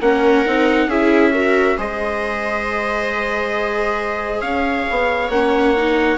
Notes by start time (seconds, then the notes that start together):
0.00 A#3 C#4 A#4 F#5
0.45 C4 D#4
0.87 C#4 E4 G#4 E5
1.33 F#4 A#4
1.77 G#3 G#4 C5 D#5
4.41 C#4 C#5 F5
4.90 B3
5.29 A#3 C#4 F#5
5.76 D#4